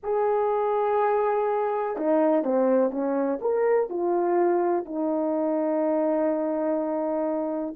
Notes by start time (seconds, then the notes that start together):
0.03 G#4
1.97 D#4
2.43 C4
2.90 C#4
3.41 A#4
3.89 F4
4.85 D#4